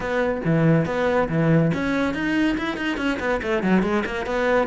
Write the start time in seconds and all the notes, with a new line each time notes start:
0.00 B3
0.44 E3
0.85 B3
1.29 E3
1.74 C#4
2.14 D#4
2.57 E4
2.76 D#4
2.97 C#4
3.19 B3
3.42 A3
3.63 F#3
3.82 G#3
4.05 A#3
4.26 B3